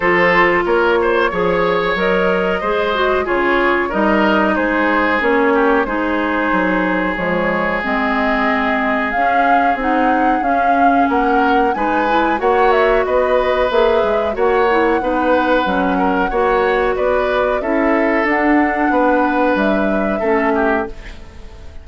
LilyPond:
<<
  \new Staff \with { instrumentName = "flute" } { \time 4/4 \tempo 4 = 92 c''4 cis''2 dis''4~ | dis''4 cis''4 dis''4 c''4 | cis''4 c''2 cis''4 | dis''2 f''4 fis''4 |
f''4 fis''4 gis''4 fis''8 e''8 | dis''4 e''4 fis''2~ | fis''2 d''4 e''4 | fis''2 e''2 | }
  \new Staff \with { instrumentName = "oboe" } { \time 4/4 a'4 ais'8 c''8 cis''2 | c''4 gis'4 ais'4 gis'4~ | gis'8 g'8 gis'2.~ | gis'1~ |
gis'4 ais'4 b'4 cis''4 | b'2 cis''4 b'4~ | b'8 ais'8 cis''4 b'4 a'4~ | a'4 b'2 a'8 g'8 | }
  \new Staff \with { instrumentName = "clarinet" } { \time 4/4 f'2 gis'4 ais'4 | gis'8 fis'8 f'4 dis'2 | cis'4 dis'2 gis4 | c'2 cis'4 dis'4 |
cis'2 dis'8 e'8 fis'4~ | fis'4 gis'4 fis'8 e'8 dis'4 | cis'4 fis'2 e'4 | d'2. cis'4 | }
  \new Staff \with { instrumentName = "bassoon" } { \time 4/4 f4 ais4 f4 fis4 | gis4 cis4 g4 gis4 | ais4 gis4 fis4 f4 | gis2 cis'4 c'4 |
cis'4 ais4 gis4 ais4 | b4 ais8 gis8 ais4 b4 | fis4 ais4 b4 cis'4 | d'4 b4 g4 a4 | }
>>